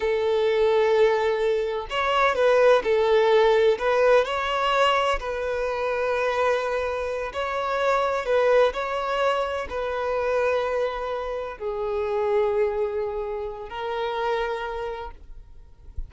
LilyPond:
\new Staff \with { instrumentName = "violin" } { \time 4/4 \tempo 4 = 127 a'1 | cis''4 b'4 a'2 | b'4 cis''2 b'4~ | b'2.~ b'8 cis''8~ |
cis''4. b'4 cis''4.~ | cis''8 b'2.~ b'8~ | b'8 gis'2.~ gis'8~ | gis'4 ais'2. | }